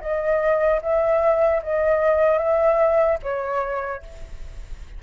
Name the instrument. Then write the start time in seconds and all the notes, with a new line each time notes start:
flute
0.00 D#5
0.81 E5
1.62 D#5
2.38 E5
3.22 C#5